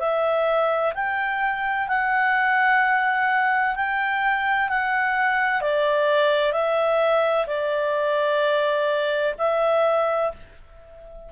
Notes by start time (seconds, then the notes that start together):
0.00 E5
0.95 G5
1.88 F#5
3.76 G5
4.69 F#5
5.62 D5
6.53 E5
7.47 D5
9.38 E5